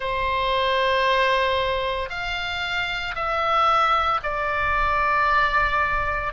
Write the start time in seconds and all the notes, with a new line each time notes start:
0.00 C5
2.09 F5
3.15 E5
4.23 D5